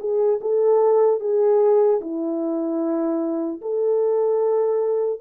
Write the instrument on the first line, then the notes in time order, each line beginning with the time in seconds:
horn
0.00 G#4
0.41 A4
1.20 G#4
2.01 E4
3.61 A4